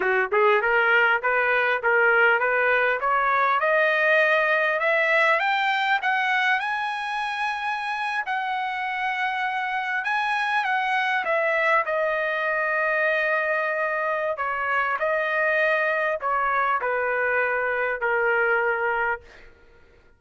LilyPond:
\new Staff \with { instrumentName = "trumpet" } { \time 4/4 \tempo 4 = 100 fis'8 gis'8 ais'4 b'4 ais'4 | b'4 cis''4 dis''2 | e''4 g''4 fis''4 gis''4~ | gis''4.~ gis''16 fis''2~ fis''16~ |
fis''8. gis''4 fis''4 e''4 dis''16~ | dis''1 | cis''4 dis''2 cis''4 | b'2 ais'2 | }